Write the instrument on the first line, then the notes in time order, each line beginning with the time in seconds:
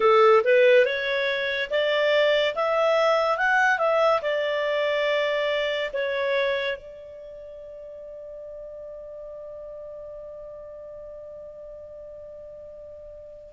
clarinet
0.00 A4
0.43 B4
0.85 C#5
1.70 D5
2.55 E5
3.37 F#5
3.78 E5
4.21 D5
5.93 C#5
6.76 D5